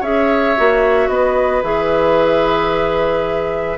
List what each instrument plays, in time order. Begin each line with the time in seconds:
0.00 bassoon C#4, clarinet G#4, oboe C#5, flute E5
0.57 bassoon A#3, clarinet F#4
1.08 bassoon B3, oboe B4, flute D#5
1.63 bassoon E3, clarinet G#4, flute E5